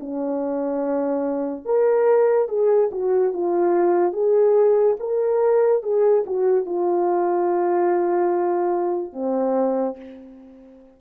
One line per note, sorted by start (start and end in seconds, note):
0.00 1.66 C#4
1.66 2.48 A#4
2.48 2.90 G#4
2.92 3.33 F#4
3.33 4.13 F4
4.13 4.97 G#4
5.00 5.83 A#4
5.83 6.25 G#4
6.27 6.66 F#4
6.66 9.13 F4
9.13 9.97 C4